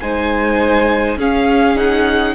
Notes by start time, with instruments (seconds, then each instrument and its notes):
0.00 cello G#3, viola D#4, violin C5 G#5
1.17 cello C#4, viola C#4, violin G#4 F5
1.76 viola D#4, violin F#5